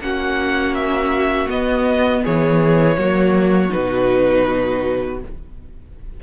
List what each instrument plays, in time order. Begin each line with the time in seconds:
0.00 cello A#3, viola C#4, violin F#4 F#5
0.75 violin E5
1.47 viola B3, cello B3, violin D#5
2.23 cello E3, violin G#4 C#5
2.98 cello F#3, viola A#3, violin F#4
3.69 cello B2, viola D#4, violin B4